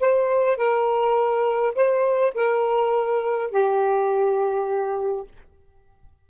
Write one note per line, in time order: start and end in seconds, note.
0.00 0.57 C5
0.57 1.75 A#4
1.75 2.34 C5
2.35 3.51 A#4
3.51 5.27 G4